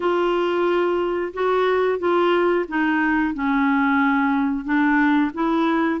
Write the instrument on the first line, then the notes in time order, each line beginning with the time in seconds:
clarinet
0.00 F4
1.33 F#4
1.98 F4
2.68 D#4
3.33 C#4
4.64 D4
5.34 E4